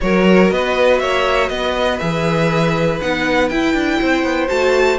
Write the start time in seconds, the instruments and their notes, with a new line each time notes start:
0.00 cello F#3, viola F#4, violin A#4 C#5
0.50 cello B3, violin B4 D#5
0.98 cello A#3, violin C#5 E5
1.48 cello B3, violin B4 D#5
1.98 cello E3, viola G#4, violin E5
3.01 cello B3, viola D#4, violin F#5
3.48 cello E4, viola E4, violin G5
3.73 cello D4
4.00 cello C4, violin C5
4.23 cello B3
4.47 cello A3, viola F#4, violin A5